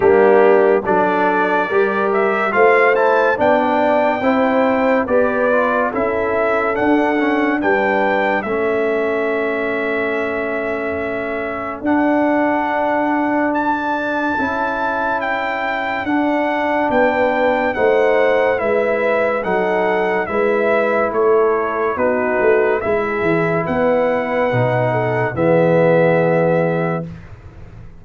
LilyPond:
<<
  \new Staff \with { instrumentName = "trumpet" } { \time 4/4 \tempo 4 = 71 g'4 d''4. e''8 f''8 a''8 | g''2 d''4 e''4 | fis''4 g''4 e''2~ | e''2 fis''2 |
a''2 g''4 fis''4 | g''4 fis''4 e''4 fis''4 | e''4 cis''4 b'4 e''4 | fis''2 e''2 | }
  \new Staff \with { instrumentName = "horn" } { \time 4/4 d'4 a'4 ais'4 c''4 | d''4 c''4 b'4 a'4~ | a'4 b'4 a'2~ | a'1~ |
a'1 | b'4 c''4 b'4 a'4 | b'4 a'4 fis'4 gis'4 | b'4. a'8 gis'2 | }
  \new Staff \with { instrumentName = "trombone" } { \time 4/4 ais4 d'4 g'4 f'8 e'8 | d'4 e'4 g'8 f'8 e'4 | d'8 cis'8 d'4 cis'2~ | cis'2 d'2~ |
d'4 e'2 d'4~ | d'4 dis'4 e'4 dis'4 | e'2 dis'4 e'4~ | e'4 dis'4 b2 | }
  \new Staff \with { instrumentName = "tuba" } { \time 4/4 g4 fis4 g4 a4 | b4 c'4 b4 cis'4 | d'4 g4 a2~ | a2 d'2~ |
d'4 cis'2 d'4 | b4 a4 gis4 fis4 | gis4 a4 b8 a8 gis8 e8 | b4 b,4 e2 | }
>>